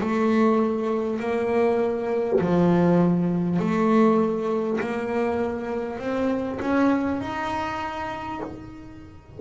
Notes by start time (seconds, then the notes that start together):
0.00 A3
1.19 A#3
2.40 F3
3.59 A3
4.80 A#3
5.98 C4
6.60 C#4
7.20 D#4